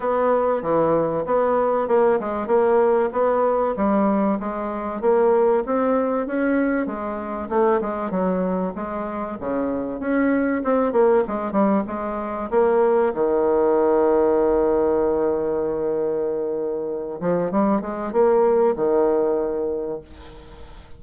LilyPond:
\new Staff \with { instrumentName = "bassoon" } { \time 4/4 \tempo 4 = 96 b4 e4 b4 ais8 gis8 | ais4 b4 g4 gis4 | ais4 c'4 cis'4 gis4 | a8 gis8 fis4 gis4 cis4 |
cis'4 c'8 ais8 gis8 g8 gis4 | ais4 dis2.~ | dis2.~ dis8 f8 | g8 gis8 ais4 dis2 | }